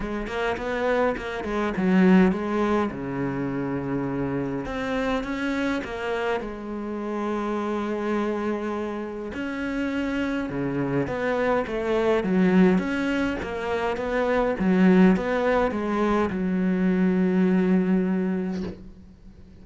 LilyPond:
\new Staff \with { instrumentName = "cello" } { \time 4/4 \tempo 4 = 103 gis8 ais8 b4 ais8 gis8 fis4 | gis4 cis2. | c'4 cis'4 ais4 gis4~ | gis1 |
cis'2 cis4 b4 | a4 fis4 cis'4 ais4 | b4 fis4 b4 gis4 | fis1 | }